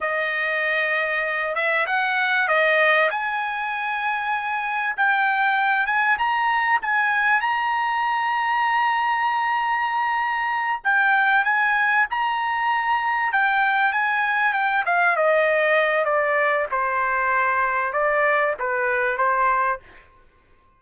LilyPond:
\new Staff \with { instrumentName = "trumpet" } { \time 4/4 \tempo 4 = 97 dis''2~ dis''8 e''8 fis''4 | dis''4 gis''2. | g''4. gis''8 ais''4 gis''4 | ais''1~ |
ais''4. g''4 gis''4 ais''8~ | ais''4. g''4 gis''4 g''8 | f''8 dis''4. d''4 c''4~ | c''4 d''4 b'4 c''4 | }